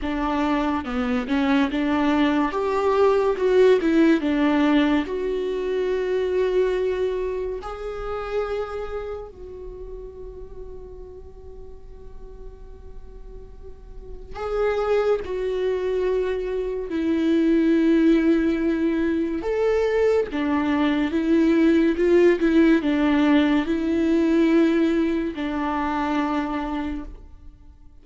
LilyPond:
\new Staff \with { instrumentName = "viola" } { \time 4/4 \tempo 4 = 71 d'4 b8 cis'8 d'4 g'4 | fis'8 e'8 d'4 fis'2~ | fis'4 gis'2 fis'4~ | fis'1~ |
fis'4 gis'4 fis'2 | e'2. a'4 | d'4 e'4 f'8 e'8 d'4 | e'2 d'2 | }